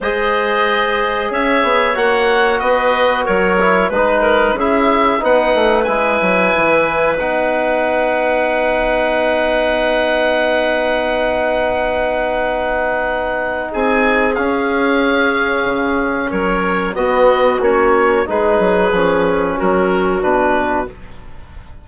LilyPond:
<<
  \new Staff \with { instrumentName = "oboe" } { \time 4/4 \tempo 4 = 92 dis''2 e''4 fis''4 | dis''4 cis''4 b'4 e''4 | fis''4 gis''2 fis''4~ | fis''1~ |
fis''1~ | fis''4 gis''4 f''2~ | f''4 cis''4 dis''4 cis''4 | b'2 ais'4 b'4 | }
  \new Staff \with { instrumentName = "clarinet" } { \time 4/4 c''2 cis''2 | b'4 ais'4 b'8 ais'8 gis'4 | b'1~ | b'1~ |
b'1~ | b'4 gis'2.~ | gis'4 ais'4 fis'2 | gis'2 fis'2 | }
  \new Staff \with { instrumentName = "trombone" } { \time 4/4 gis'2. fis'4~ | fis'4. e'8 dis'4 e'4 | dis'4 e'2 dis'4~ | dis'1~ |
dis'1~ | dis'2 cis'2~ | cis'2 b4 cis'4 | dis'4 cis'2 d'4 | }
  \new Staff \with { instrumentName = "bassoon" } { \time 4/4 gis2 cis'8 b8 ais4 | b4 fis4 gis4 cis'4 | b8 a8 gis8 fis8 e4 b4~ | b1~ |
b1~ | b4 c'4 cis'2 | cis4 fis4 b4 ais4 | gis8 fis8 f4 fis4 b,4 | }
>>